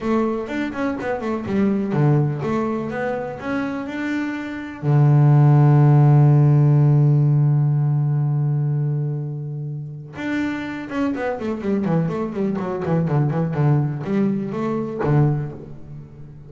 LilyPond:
\new Staff \with { instrumentName = "double bass" } { \time 4/4 \tempo 4 = 124 a4 d'8 cis'8 b8 a8 g4 | d4 a4 b4 cis'4 | d'2 d2~ | d1~ |
d1~ | d4 d'4. cis'8 b8 a8 | g8 e8 a8 g8 fis8 e8 d8 e8 | d4 g4 a4 d4 | }